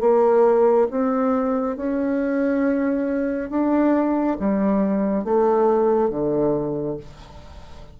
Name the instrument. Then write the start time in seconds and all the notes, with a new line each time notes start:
bassoon
0.00 A#3
0.90 C4
1.76 C#4
3.50 D4
4.39 G3
5.24 A3
6.09 D3